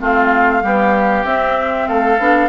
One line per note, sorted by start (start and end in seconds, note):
0.00 0.64 A3
0.00 0.62 C4
0.00 0.64 F4
0.00 1.26 F5
0.62 1.24 G3
0.62 1.25 B3
0.62 1.88 G4
1.25 2.19 C4
1.25 1.88 C4
1.25 1.88 E5
1.88 2.19 A3
1.88 2.49 A4
1.88 2.49 F5
2.19 2.49 B3
2.19 2.49 D4